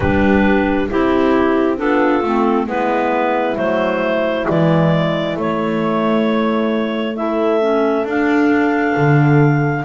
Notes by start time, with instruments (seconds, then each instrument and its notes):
0.00 double bass G3, clarinet D4 B4, horn G4
0.90 double bass C4, clarinet E4 G4, horn E4
1.77 double bass B3, clarinet D4 A4, horn F4
2.22 double bass A3, clarinet C4
2.66 double bass G#3, clarinet B3 B4, horn E4
3.55 double bass F#3, clarinet A3 C5
4.47 double bass E3, clarinet G#3 D5
5.36 clarinet A3 C#5, double bass A3
7.15 clarinet E4 E5, horn A4
7.60 clarinet C#4
8.04 double bass D4, clarinet D4 F5
8.96 double bass D3